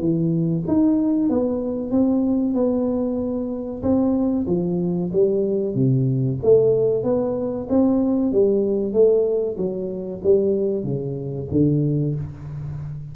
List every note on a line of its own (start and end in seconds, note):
0.00 0.64 E3
0.68 1.30 D#4
1.30 1.91 B3
1.91 2.55 C4
2.55 3.82 B3
3.83 4.47 C4
4.47 5.11 F3
5.13 5.75 G3
5.75 6.39 C3
6.43 7.04 A3
7.04 7.67 B3
7.70 8.32 C4
8.32 8.93 G3
8.93 9.57 A3
9.57 10.21 F#3
10.24 10.84 G3
10.84 11.48 C#3
11.52 12.15 D3